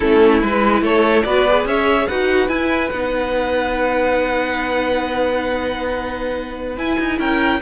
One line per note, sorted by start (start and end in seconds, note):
0.00 0.42 A3
0.00 0.42 C#4
0.00 0.82 E4
0.00 0.39 A4
0.41 0.82 G#3
0.41 1.25 E4
0.41 0.83 B4
0.82 1.23 A3
0.82 1.23 A4
0.82 1.23 C#5
1.23 1.65 B3
1.23 1.46 F#4
1.23 1.67 B4
1.23 1.64 D5
1.47 2.10 G#4
1.65 2.07 C#4
1.65 2.08 C#5
1.65 2.08 E5
2.08 2.48 D#4
2.08 2.49 F#4
2.08 7.18 B4
2.08 2.48 F#5
2.48 2.90 E4
2.48 2.90 G#5
2.90 6.77 B3
2.90 6.77 D#4
2.90 6.75 F#5
6.77 6.98 E4
6.77 7.60 E4
6.77 7.19 G#5
6.99 7.19 D#4
7.18 7.60 C#4
7.18 7.60 A#4
7.18 7.61 G5